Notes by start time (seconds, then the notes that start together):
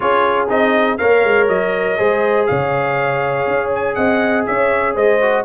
0.00 C#4 F4 G#4 C#5
0.48 C4 D#4 D#5
0.97 A#3 A#4 C#5 F5
1.24 G#3
1.48 F#3 D#5
1.97 G#3 G#4 C5
2.46 C#3 C#5 F5
3.46 C#4
3.75 G#5
3.95 C4 D#5 F#5
4.46 C#4 C#5 E5
4.94 G#3 C5 D#5
5.21 F#4